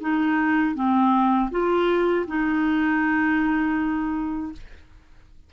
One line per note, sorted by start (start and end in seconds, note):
0.00 0.75 D#4
0.75 1.50 C4
1.50 2.25 F4
2.27 4.52 D#4